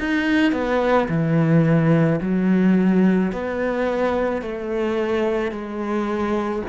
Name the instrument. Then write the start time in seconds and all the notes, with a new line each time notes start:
cello
0.00 D#4
0.53 B3
1.09 E3
2.21 F#3
3.32 B3
4.42 A3
5.52 G#3